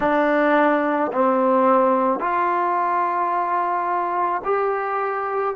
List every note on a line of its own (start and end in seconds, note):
0.00 1.11 D4
1.12 2.19 C4
2.19 4.41 F4
4.44 5.55 G4